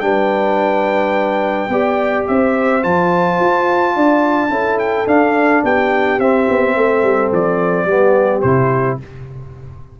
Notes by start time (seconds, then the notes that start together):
0.00 G3 D4 B4 G5
1.69 B3 G4 D5
2.27 C4 C5 E5
2.83 F3 F4 A5
3.40 F4
3.96 D4 D5
4.49 C#4 E4 A4
4.79 G5
5.07 D4 F5
5.62 B3 G4 G5
6.19 C4 E5
6.49 B3
6.76 A3 A4
7.03 G3
7.32 F3 D5
7.85 G3 B3 G4
8.41 C3 E4 C5